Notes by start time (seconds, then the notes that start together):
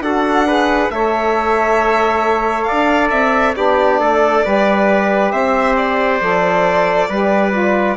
0.00 D4 F#4 A4 F#5
0.47 G#4 B4
0.89 A3 A4 C#5 E5
2.63 D5 F5
2.71 D4
3.10 C4 E5
3.55 B3 D4 G4 D5
3.99 A3 A4
4.44 G3 G4 B4
5.31 C4 C5 E5
5.76 D5
6.20 F3 A4
7.09 G3 G4 B4
7.52 F4